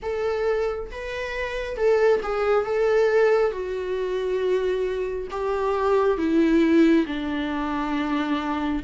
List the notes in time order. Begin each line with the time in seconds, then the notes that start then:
0.02 A4
0.91 B4
1.76 A4
2.23 G#4
2.65 A4
3.51 F#4
5.31 G4
6.17 E4
7.06 D4